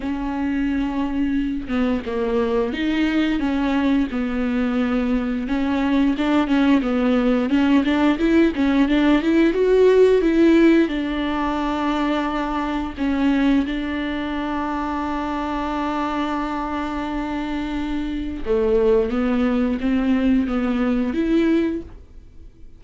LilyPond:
\new Staff \with { instrumentName = "viola" } { \time 4/4 \tempo 4 = 88 cis'2~ cis'8 b8 ais4 | dis'4 cis'4 b2 | cis'4 d'8 cis'8 b4 cis'8 d'8 | e'8 cis'8 d'8 e'8 fis'4 e'4 |
d'2. cis'4 | d'1~ | d'2. a4 | b4 c'4 b4 e'4 | }